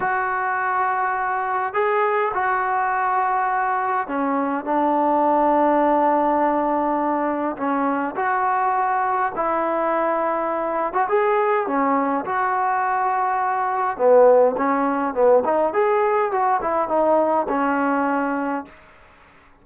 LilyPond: \new Staff \with { instrumentName = "trombone" } { \time 4/4 \tempo 4 = 103 fis'2. gis'4 | fis'2. cis'4 | d'1~ | d'4 cis'4 fis'2 |
e'2~ e'8. fis'16 gis'4 | cis'4 fis'2. | b4 cis'4 b8 dis'8 gis'4 | fis'8 e'8 dis'4 cis'2 | }